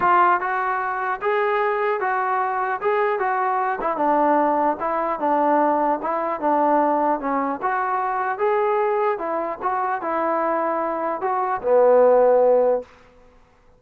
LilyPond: \new Staff \with { instrumentName = "trombone" } { \time 4/4 \tempo 4 = 150 f'4 fis'2 gis'4~ | gis'4 fis'2 gis'4 | fis'4. e'8 d'2 | e'4 d'2 e'4 |
d'2 cis'4 fis'4~ | fis'4 gis'2 e'4 | fis'4 e'2. | fis'4 b2. | }